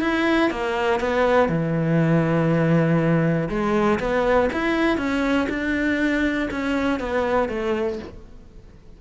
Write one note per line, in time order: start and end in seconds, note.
0.00 0.50 E4
0.50 1.00 A#3
1.00 1.48 B3
1.48 3.48 E3
3.49 3.99 G#3
3.99 4.49 B3
4.52 4.97 E4
4.97 5.47 C#4
5.49 6.49 D4
6.50 6.99 C#4
6.99 7.48 B3
7.48 7.98 A3